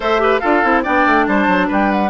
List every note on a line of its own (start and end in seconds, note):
0.00 0.40 A3
0.00 0.19 A4
0.00 0.21 C5
0.00 0.39 E5
0.19 0.40 G4
0.19 0.40 B4
0.39 0.63 D4
0.39 0.63 F4
0.39 0.83 A4
0.39 0.81 F5
0.63 0.84 C4
0.63 0.84 E4
0.83 1.06 B3
0.83 2.10 D4
0.83 1.25 D5
0.83 1.26 G5
1.06 1.27 A3
1.26 1.47 G3
1.26 1.67 C5
1.26 1.68 A5
1.47 1.68 F#3
1.67 2.10 G3
1.67 2.09 B4
1.67 1.91 G5
1.91 2.10 F#5